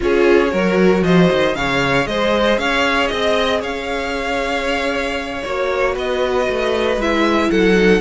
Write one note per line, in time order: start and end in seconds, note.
0.00 0.53 C#4
0.00 0.47 F4
0.00 0.51 G#4
0.00 1.03 C#5
0.50 1.02 F#3
0.50 1.54 F#4
0.50 1.03 A#4
1.02 1.28 F3
1.02 1.56 C5
1.02 1.55 D#5
1.31 1.55 D#3
1.55 2.06 C#3
1.55 5.44 G#4
1.55 2.08 C#5
1.55 2.06 F5
2.06 2.58 G#3
2.06 2.59 C5
2.06 2.58 D#5
2.58 3.09 C#4
2.58 3.11 C#5
2.58 3.07 F5
3.07 3.62 C4
3.07 3.58 D#5
3.07 3.60 D#5
3.60 5.43 C#4
3.60 5.93 C#5
3.60 5.43 F5
5.43 5.96 A#3
5.43 7.01 F#4
5.43 5.94 C#5
5.93 6.47 B3
5.93 7.48 B4
5.93 7.01 D#5
6.49 6.97 A3
6.97 7.48 G#3
6.97 7.76 E4
6.97 7.50 E5
7.50 8.00 F#3
7.50 8.00 A4
7.50 8.00 F#5
7.76 8.00 D#4